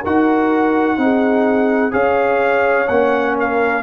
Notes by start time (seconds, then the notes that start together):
0.00 D#4 F#4 A#4 F#5
0.97 C4 D#4 G#4
1.91 C#4 G#4 C#5 F5
2.88 A#3 C#4 F#5
3.38 A#4 F5